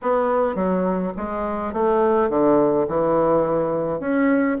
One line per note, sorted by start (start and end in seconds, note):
0.02 0.55 B3
0.55 1.12 F#3
1.17 1.73 G#3
1.73 2.29 A3
2.29 2.86 D3
2.88 3.99 E3
3.99 4.57 C#4